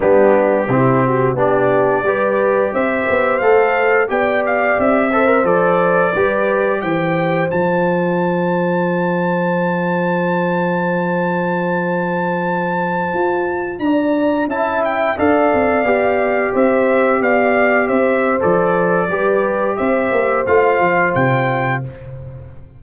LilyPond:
<<
  \new Staff \with { instrumentName = "trumpet" } { \time 4/4 \tempo 4 = 88 g'2 d''2 | e''4 f''4 g''8 f''8 e''4 | d''2 g''4 a''4~ | a''1~ |
a''1~ | a''16 ais''4 a''8 g''8 f''4.~ f''16~ | f''16 e''4 f''4 e''8. d''4~ | d''4 e''4 f''4 g''4 | }
  \new Staff \with { instrumentName = "horn" } { \time 4/4 d'4 e'8 fis'8 g'4 b'4 | c''2 d''4. c''8~ | c''4 b'4 c''2~ | c''1~ |
c''1~ | c''16 d''4 e''4 d''4.~ d''16~ | d''16 c''4 d''4 c''4.~ c''16 | b'4 c''2. | }
  \new Staff \with { instrumentName = "trombone" } { \time 4/4 b4 c'4 d'4 g'4~ | g'4 a'4 g'4. a'16 ais'16 | a'4 g'2 f'4~ | f'1~ |
f'1~ | f'4~ f'16 e'4 a'4 g'8.~ | g'2. a'4 | g'2 f'2 | }
  \new Staff \with { instrumentName = "tuba" } { \time 4/4 g4 c4 b4 g4 | c'8 b8 a4 b4 c'4 | f4 g4 e4 f4~ | f1~ |
f2.~ f16 f'8.~ | f'16 d'4 cis'4 d'8 c'8 b8.~ | b16 c'4 b4 c'8. f4 | g4 c'8 ais8 a8 f8 c4 | }
>>